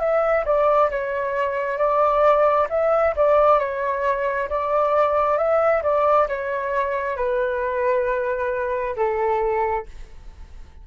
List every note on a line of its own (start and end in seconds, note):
0.00 0.45 E5
0.46 0.90 D5
0.91 1.78 C#5
1.78 2.68 D5
2.70 3.15 E5
3.16 3.59 D5
3.59 4.49 C#5
4.49 5.38 D5
5.38 5.83 E5
5.83 6.28 D5
6.28 7.17 C#5
7.17 8.96 B4
8.97 9.86 A4